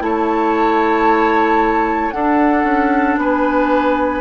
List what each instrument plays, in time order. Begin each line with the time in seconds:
0.00 bassoon A3, clarinet E4, oboe C#5, flute A5
2.11 clarinet D4, bassoon D4, oboe A4, flute F#5
2.63 bassoon C#4
3.16 bassoon B3, oboe B4, flute G#5